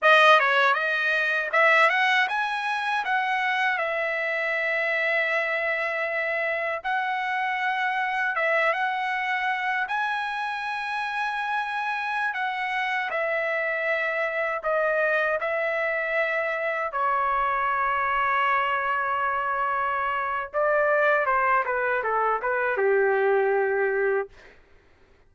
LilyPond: \new Staff \with { instrumentName = "trumpet" } { \time 4/4 \tempo 4 = 79 dis''8 cis''8 dis''4 e''8 fis''8 gis''4 | fis''4 e''2.~ | e''4 fis''2 e''8 fis''8~ | fis''4 gis''2.~ |
gis''16 fis''4 e''2 dis''8.~ | dis''16 e''2 cis''4.~ cis''16~ | cis''2. d''4 | c''8 b'8 a'8 b'8 g'2 | }